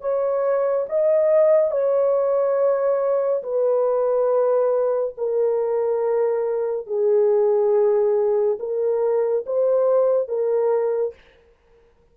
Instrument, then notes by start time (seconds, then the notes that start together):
horn
0.00 C#5
0.89 D#5
1.71 C#5
3.42 B4
5.17 A#4
6.86 G#4
8.59 A#4
9.46 C5
10.28 A#4